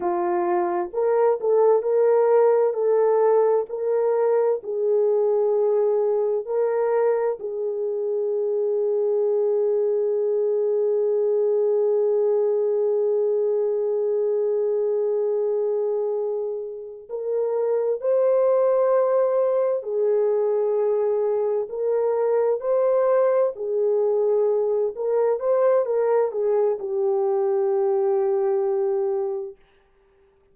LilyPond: \new Staff \with { instrumentName = "horn" } { \time 4/4 \tempo 4 = 65 f'4 ais'8 a'8 ais'4 a'4 | ais'4 gis'2 ais'4 | gis'1~ | gis'1~ |
gis'2~ gis'8 ais'4 c''8~ | c''4. gis'2 ais'8~ | ais'8 c''4 gis'4. ais'8 c''8 | ais'8 gis'8 g'2. | }